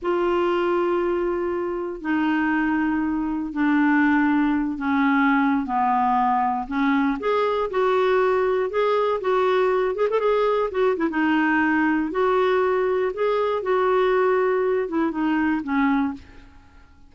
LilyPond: \new Staff \with { instrumentName = "clarinet" } { \time 4/4 \tempo 4 = 119 f'1 | dis'2. d'4~ | d'4. cis'4.~ cis'16 b8.~ | b4~ b16 cis'4 gis'4 fis'8.~ |
fis'4~ fis'16 gis'4 fis'4. gis'16 | a'16 gis'4 fis'8 e'16 dis'2 | fis'2 gis'4 fis'4~ | fis'4. e'8 dis'4 cis'4 | }